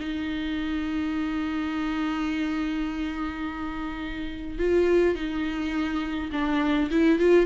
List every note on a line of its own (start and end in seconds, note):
0.00 4.59 D#4
4.59 5.15 F4
5.15 6.31 D#4
6.33 6.90 D4
6.91 7.19 E4
7.19 7.47 F4